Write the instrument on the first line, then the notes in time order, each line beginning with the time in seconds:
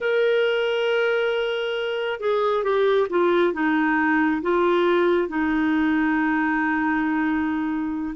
clarinet
0.00 A#4
2.19 G#4
2.63 G4
3.09 F4
3.53 D#4
4.42 F4
5.28 D#4